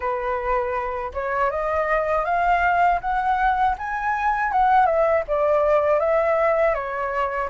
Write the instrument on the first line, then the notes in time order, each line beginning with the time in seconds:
flute
0.00 B4
1.13 C#5
1.50 D#5
2.25 F5
3.00 F#5
3.78 G#5
4.52 F#5
4.85 E5
5.27 D5
5.99 E5
6.74 C#5